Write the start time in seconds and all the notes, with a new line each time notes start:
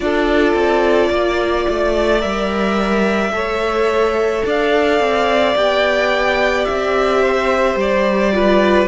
0.00 D4 F4 A4 D5
0.53 C4
1.09 A#3 D5
1.68 A3
2.19 G3 A#4 E5
3.31 A3 A4 C#5
4.45 D4 D5 F5
4.99 C4
5.55 B3 G4 G5
6.64 C4 E5
7.22 C5
7.75 G3 D5
8.32 F4 B4